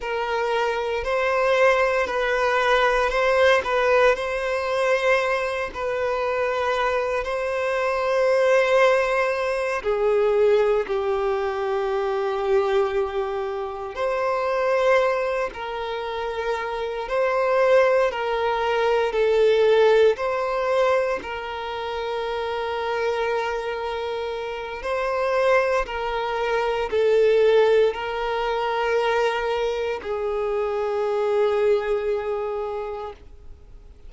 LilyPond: \new Staff \with { instrumentName = "violin" } { \time 4/4 \tempo 4 = 58 ais'4 c''4 b'4 c''8 b'8 | c''4. b'4. c''4~ | c''4. gis'4 g'4.~ | g'4. c''4. ais'4~ |
ais'8 c''4 ais'4 a'4 c''8~ | c''8 ais'2.~ ais'8 | c''4 ais'4 a'4 ais'4~ | ais'4 gis'2. | }